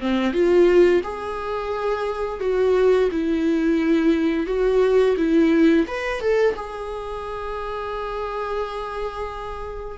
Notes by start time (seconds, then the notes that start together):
0.00 C4
0.33 F4
1.03 G#4
2.40 F#4
3.11 E4
4.47 F#4
5.17 E4
5.87 B4
6.20 A4
6.55 G#4